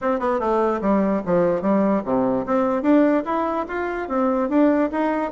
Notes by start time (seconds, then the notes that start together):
0.01 C4
0.19 B3
0.39 A3
0.81 G3
1.25 F3
1.61 G3
2.04 C3
2.45 C4
2.82 D4
3.25 E4
3.68 F4
4.08 C4
4.49 D4
4.91 D#4